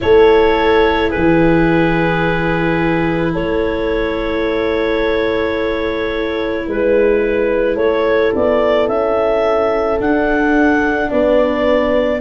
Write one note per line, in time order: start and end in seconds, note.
0.00 1.13 A3
0.00 9.97 E4
0.00 1.09 A4
0.00 1.10 C#5
1.09 3.31 G#4
1.09 3.32 B4
1.15 3.36 E3
3.33 6.67 A3
3.33 6.66 A4
3.33 6.68 C#5
6.66 7.76 G#3
6.66 7.75 B4
6.66 7.76 B4
7.75 8.31 A3
7.75 11.09 A4
7.75 8.32 C#5
8.34 8.88 B3
8.34 8.87 D5
8.87 9.99 C#4
8.87 9.99 E5
9.99 12.20 D4
9.99 11.11 D4
9.99 11.10 F#5
11.10 12.20 B3
11.10 12.20 B4
11.10 12.20 D5